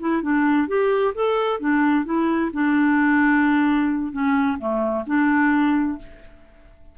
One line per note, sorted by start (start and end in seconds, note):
0.00 0.22 E4
0.22 0.68 D4
0.68 1.14 G4
1.15 1.60 A4
1.60 2.05 D4
2.05 2.51 E4
2.53 4.12 D4
4.12 4.58 C#4
4.59 5.05 A3
5.07 5.99 D4